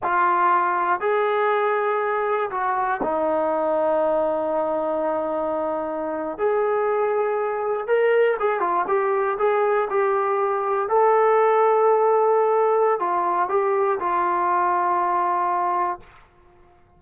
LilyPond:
\new Staff \with { instrumentName = "trombone" } { \time 4/4 \tempo 4 = 120 f'2 gis'2~ | gis'4 fis'4 dis'2~ | dis'1~ | dis'8. gis'2. ais'16~ |
ais'8. gis'8 f'8 g'4 gis'4 g'16~ | g'4.~ g'16 a'2~ a'16~ | a'2 f'4 g'4 | f'1 | }